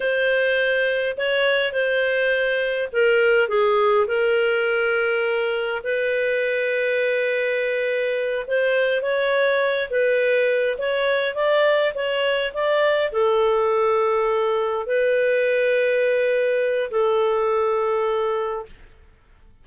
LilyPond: \new Staff \with { instrumentName = "clarinet" } { \time 4/4 \tempo 4 = 103 c''2 cis''4 c''4~ | c''4 ais'4 gis'4 ais'4~ | ais'2 b'2~ | b'2~ b'8 c''4 cis''8~ |
cis''4 b'4. cis''4 d''8~ | d''8 cis''4 d''4 a'4.~ | a'4. b'2~ b'8~ | b'4 a'2. | }